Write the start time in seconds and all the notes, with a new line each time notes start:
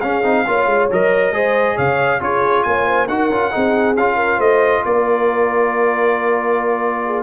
0.00 C#4 G#4 F5
0.23 C4 D#4
0.46 A#3 F4 C#5
0.66 G#3
0.91 F#3 A#4 D#5
1.31 G#3 G#4 C5
1.75 C#3 C#5 F5
2.20 C#4 F4 G#4 C#5
2.63 A#3 C#5 G#5
2.86 C5
3.08 D#4 F#4 A#4 F#5
3.29 C#4 F4
3.51 C4 D#4 G#4
3.96 C#4 F4 F5
4.16 A#4
4.36 A3 C5 D#5
4.85 A#3 A#4 D5
7.05 G#4